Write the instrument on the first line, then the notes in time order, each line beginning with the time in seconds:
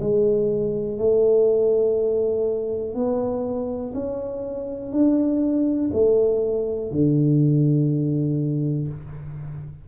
tuba
0.00 G#3
0.98 A3
2.95 B3
3.94 C#4
4.92 D4
5.93 A3
6.91 D3